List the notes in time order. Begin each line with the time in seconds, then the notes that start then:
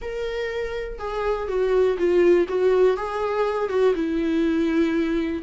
0.01 A#4
0.98 G#4
1.48 F#4
1.98 F4
2.48 F#4
2.96 G#4
3.69 F#4
3.94 E4